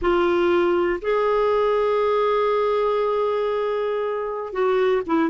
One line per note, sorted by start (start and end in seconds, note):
0.01 1.00 F4
1.01 4.52 G#4
4.52 5.02 F#4
5.06 5.29 E4